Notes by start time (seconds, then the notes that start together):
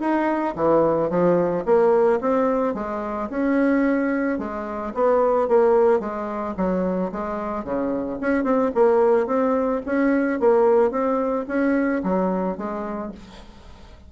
0.00 D#4
0.55 E3
1.09 F3
1.65 A#3
2.20 C4
2.74 G#3
3.29 C#4
4.38 G#3
4.94 B3
5.48 A#3
6.00 G#3
6.57 F#3
7.12 G#3
7.64 C#3
8.20 C#4
8.43 C4
8.74 A#3
9.27 C4
9.85 C#4
10.40 A#3
10.91 C4
11.47 C#4
12.03 F#3
12.57 G#3